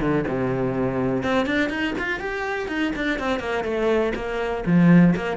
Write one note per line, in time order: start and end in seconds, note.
0.00 0.24 D3
0.27 1.23 C3
1.23 1.46 C4
1.46 1.69 D4
1.69 1.94 D#4
1.98 2.20 F4
2.20 2.68 G4
2.68 2.92 D#4
2.95 3.19 D4
3.19 3.39 C4
3.39 3.64 A#3
3.64 4.12 A3
4.15 4.64 A#3
4.66 5.15 F3
5.16 5.37 A#3